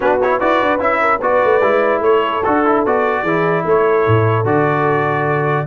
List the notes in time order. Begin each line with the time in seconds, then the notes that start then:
0.00 B3 D4 F#4 B4
0.21 E4 C#5
0.39 E4 F#4 B4 D5
0.61 D4
0.79 C#4 E4 E5
1.00 A#4
1.21 B3 F#4 B4 D5
1.43 A3
1.61 G#3 E4
1.99 A3 A4 C#5
2.43 D4 F#4 A4
2.65 E4
2.85 B3 F#4 D5
3.22 E3 E4 G#4
3.65 A3 A4 C#5
4.07 A2
4.44 D3 F#4 D5